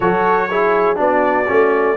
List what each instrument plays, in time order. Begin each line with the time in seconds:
0.00 tuba F#3, trombone F#4, horn A4, trumpet C#5
0.49 trombone E4, horn G#4
0.95 tuba B3, trombone D4, horn F#4, trumpet D5
1.47 tuba A3, trombone C#4